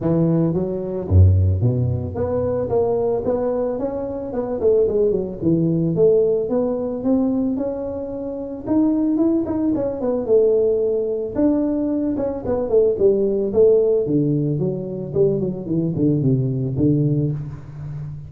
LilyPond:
\new Staff \with { instrumentName = "tuba" } { \time 4/4 \tempo 4 = 111 e4 fis4 fis,4 b,4 | b4 ais4 b4 cis'4 | b8 a8 gis8 fis8 e4 a4 | b4 c'4 cis'2 |
dis'4 e'8 dis'8 cis'8 b8 a4~ | a4 d'4. cis'8 b8 a8 | g4 a4 d4 fis4 | g8 fis8 e8 d8 c4 d4 | }